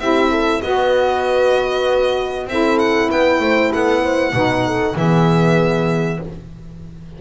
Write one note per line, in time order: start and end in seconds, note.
0.00 0.62 C4
0.00 0.63 E4
0.00 0.31 G4
0.00 0.62 E5
0.31 0.62 A4
0.62 2.47 B3
0.62 2.49 F#4
0.62 2.50 B4
0.62 2.48 D#5
2.47 3.08 C4
2.47 4.34 E4
2.47 3.11 A4
2.47 2.79 E5
2.79 3.10 F#5
3.11 3.40 B3
3.11 3.42 B4
3.11 3.73 G5
3.40 3.71 A3
3.40 3.73 C5
3.73 4.33 B3
3.73 4.02 A4
3.73 4.97 F#5
4.02 4.33 C5
4.33 4.95 B2
4.33 4.96 D#4
4.33 4.65 B4
4.66 4.97 A4
4.96 6.20 E3
4.96 6.21 B3
4.96 6.21 G#4
4.96 6.22 E5